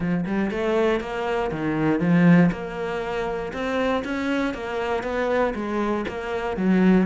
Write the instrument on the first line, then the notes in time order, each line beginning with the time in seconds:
cello
0.00 F3
0.25 G3
0.50 A3
1.00 A#3
1.51 D#3
2.00 F3
2.51 A#3
3.53 C4
4.04 C#4
4.54 A#3
5.03 B3
5.55 G#3
6.08 A#3
6.56 F#3